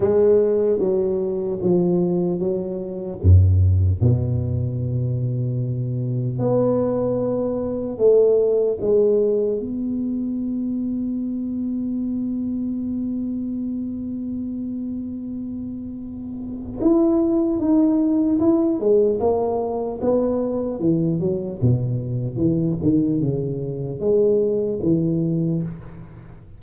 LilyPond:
\new Staff \with { instrumentName = "tuba" } { \time 4/4 \tempo 4 = 75 gis4 fis4 f4 fis4 | fis,4 b,2. | b2 a4 gis4 | b1~ |
b1~ | b4 e'4 dis'4 e'8 gis8 | ais4 b4 e8 fis8 b,4 | e8 dis8 cis4 gis4 e4 | }